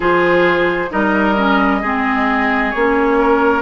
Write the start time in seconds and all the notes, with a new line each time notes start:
0.00 F3 F4 G#4 C5
0.89 G3 D#4 A#4 D#5
1.36 C#4
1.80 G#3 C4 G#4
2.71 A#3 C#4 C#5
3.18 A#4